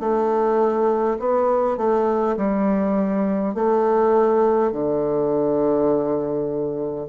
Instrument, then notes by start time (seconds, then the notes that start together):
bassoon
0.00 A3
1.19 B3
1.77 A3
2.37 G3
3.55 A3
4.72 D3